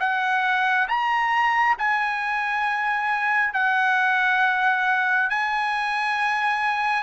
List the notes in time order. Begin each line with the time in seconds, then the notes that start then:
0.00 F#5
0.88 A#5
1.78 G#5
3.54 F#5
5.30 G#5